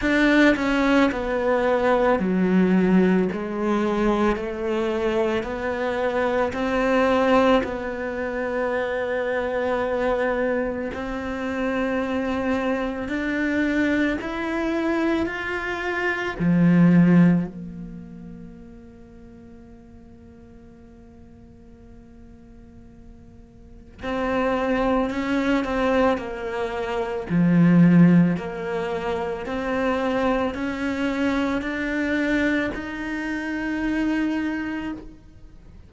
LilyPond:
\new Staff \with { instrumentName = "cello" } { \time 4/4 \tempo 4 = 55 d'8 cis'8 b4 fis4 gis4 | a4 b4 c'4 b4~ | b2 c'2 | d'4 e'4 f'4 f4 |
ais1~ | ais2 c'4 cis'8 c'8 | ais4 f4 ais4 c'4 | cis'4 d'4 dis'2 | }